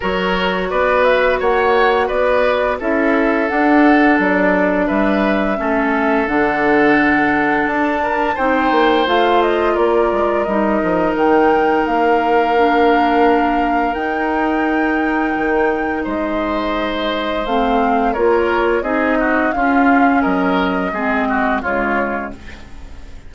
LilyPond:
<<
  \new Staff \with { instrumentName = "flute" } { \time 4/4 \tempo 4 = 86 cis''4 d''8 e''8 fis''4 d''4 | e''4 fis''4 d''4 e''4~ | e''4 fis''2 a''4 | g''4 f''8 dis''8 d''4 dis''4 |
g''4 f''2. | g''2. dis''4~ | dis''4 f''4 cis''4 dis''4 | f''4 dis''2 cis''4 | }
  \new Staff \with { instrumentName = "oboe" } { \time 4/4 ais'4 b'4 cis''4 b'4 | a'2. b'4 | a'2.~ a'8 ais'8 | c''2 ais'2~ |
ais'1~ | ais'2. c''4~ | c''2 ais'4 gis'8 fis'8 | f'4 ais'4 gis'8 fis'8 f'4 | }
  \new Staff \with { instrumentName = "clarinet" } { \time 4/4 fis'1 | e'4 d'2. | cis'4 d'2. | dis'4 f'2 dis'4~ |
dis'2 d'2 | dis'1~ | dis'4 c'4 f'4 dis'4 | cis'2 c'4 gis4 | }
  \new Staff \with { instrumentName = "bassoon" } { \time 4/4 fis4 b4 ais4 b4 | cis'4 d'4 fis4 g4 | a4 d2 d'4 | c'8 ais8 a4 ais8 gis8 g8 f8 |
dis4 ais2. | dis'2 dis4 gis4~ | gis4 a4 ais4 c'4 | cis'4 fis4 gis4 cis4 | }
>>